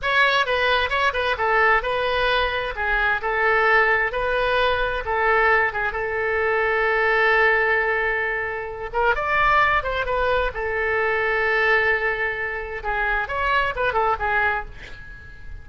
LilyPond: \new Staff \with { instrumentName = "oboe" } { \time 4/4 \tempo 4 = 131 cis''4 b'4 cis''8 b'8 a'4 | b'2 gis'4 a'4~ | a'4 b'2 a'4~ | a'8 gis'8 a'2.~ |
a'2.~ a'8 ais'8 | d''4. c''8 b'4 a'4~ | a'1 | gis'4 cis''4 b'8 a'8 gis'4 | }